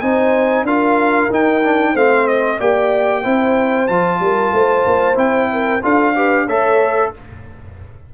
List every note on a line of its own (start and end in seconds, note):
0.00 0.63 C4
0.00 0.66 D#4
0.00 0.66 C5
0.00 0.65 G#5
0.63 1.27 D4
0.63 1.30 F4
0.63 1.92 A#4
0.63 1.31 F5
1.30 1.94 D#4
1.30 1.62 D#4
1.30 1.96 G5
1.63 1.95 D4
1.92 2.59 A3
1.92 2.60 C4
1.92 2.56 C5
1.92 2.27 F5
2.27 2.59 D#5
2.57 3.25 A#3
2.57 3.24 G4
2.57 3.22 D5
2.57 3.87 G5
3.23 3.89 C4
3.23 3.88 E4
3.23 4.20 C5
3.87 4.19 F3
3.87 5.15 F4
3.87 5.16 A5
4.19 4.52 G3
4.19 4.53 A#4
4.52 4.84 A3
4.52 5.50 C5
4.86 5.16 A#3
5.15 5.81 C4
5.15 5.79 E4
5.15 5.83 G5
5.52 5.83 A#4
5.82 6.48 D4
5.82 6.15 F4
5.82 6.15 A4
5.82 6.48 F5
6.15 6.47 G4
6.15 6.45 B4
6.45 7.12 A3
6.45 7.14 A4
6.45 7.10 C#5
6.45 7.12 E5